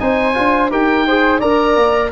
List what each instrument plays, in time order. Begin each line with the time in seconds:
0.00 tuba C4, trombone D#4, flute C5, oboe G#5
0.34 tuba D4, trombone F4
0.70 tuba D#4, trombone G4, flute A#4, oboe G5
1.07 trombone G#4, flute C5
1.39 tuba D4, trombone A#4, flute D5, oboe A#5
1.76 tuba A#3